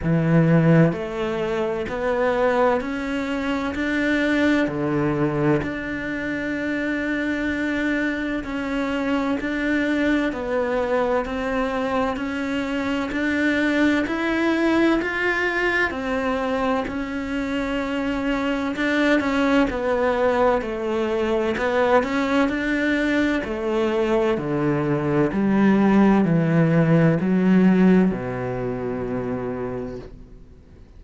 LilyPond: \new Staff \with { instrumentName = "cello" } { \time 4/4 \tempo 4 = 64 e4 a4 b4 cis'4 | d'4 d4 d'2~ | d'4 cis'4 d'4 b4 | c'4 cis'4 d'4 e'4 |
f'4 c'4 cis'2 | d'8 cis'8 b4 a4 b8 cis'8 | d'4 a4 d4 g4 | e4 fis4 b,2 | }